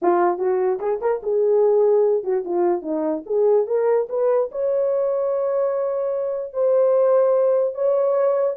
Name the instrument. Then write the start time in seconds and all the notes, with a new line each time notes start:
horn
0.01 F4
0.38 F#4
0.79 G#4
1.01 A#4
1.22 G#4
2.23 F#4
2.44 F4
2.82 D#4
3.26 G#4
3.66 A#4
4.09 B4
4.51 C#5
6.53 C5
7.74 C#5